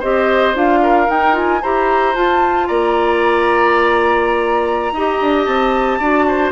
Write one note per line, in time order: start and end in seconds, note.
0.00 0.55 C4
0.00 0.55 G4
0.00 0.80 C5
0.00 0.56 D#5
0.55 1.08 D4
0.55 1.08 F4
0.55 1.10 F5
0.83 1.62 A#4
1.08 1.33 D#4
1.08 1.62 D#4
1.08 1.36 G5
1.33 1.60 F4
1.33 1.63 G#5
1.62 2.15 E4
1.62 2.15 G4
1.62 2.68 C5
1.62 2.15 A#5
2.15 4.93 F4
2.15 2.69 F4
2.15 2.68 A5
2.68 4.92 A#3
2.68 4.94 D5
2.68 5.45 A#5
4.92 5.19 D#4
4.92 6.01 G4
4.92 5.99 D#5
5.21 5.47 D4
5.45 5.99 C4
5.45 6.52 A5
5.99 6.52 D4
5.99 6.52 F#4
5.99 6.26 D5
6.28 6.52 C5